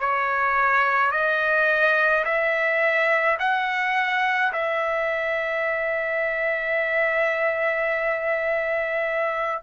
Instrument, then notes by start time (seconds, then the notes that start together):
trumpet
0.00 C#5
1.11 D#5
2.25 E5
3.40 F#5
4.53 E5